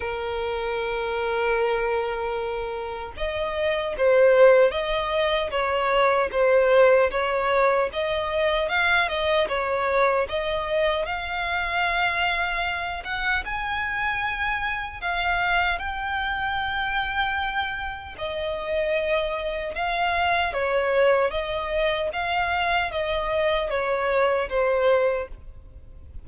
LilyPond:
\new Staff \with { instrumentName = "violin" } { \time 4/4 \tempo 4 = 76 ais'1 | dis''4 c''4 dis''4 cis''4 | c''4 cis''4 dis''4 f''8 dis''8 | cis''4 dis''4 f''2~ |
f''8 fis''8 gis''2 f''4 | g''2. dis''4~ | dis''4 f''4 cis''4 dis''4 | f''4 dis''4 cis''4 c''4 | }